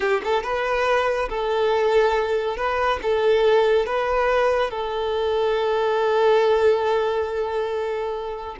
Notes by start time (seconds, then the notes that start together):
0.00 G4
0.24 A4
0.43 B4
1.29 A4
2.56 B4
3.02 A4
3.86 B4
4.70 A4